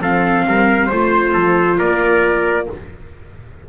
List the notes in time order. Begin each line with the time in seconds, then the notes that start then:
0.00 F3 C4 A4 F5
0.46 G3 A#4
0.86 A3 C5
0.93 F4
1.33 F3 A4
1.78 A#3 A#4 D5